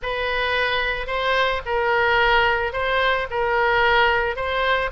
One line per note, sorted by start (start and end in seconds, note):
0.02 1.07 B4
1.07 1.61 C5
1.65 2.72 A#4
2.72 3.27 C5
3.30 4.35 A#4
4.35 4.90 C5